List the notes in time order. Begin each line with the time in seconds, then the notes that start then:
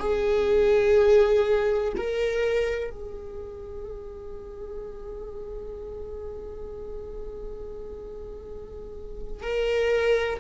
0.00 G#4
1.97 A#4
2.91 G#4
9.43 A#4